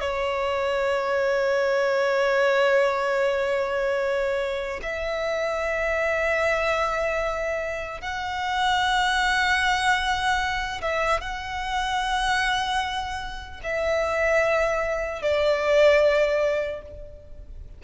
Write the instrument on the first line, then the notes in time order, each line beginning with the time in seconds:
violin
0.00 C#5
4.82 E5
8.01 F#5
10.81 E5
11.21 F#5
13.63 E5
15.22 D5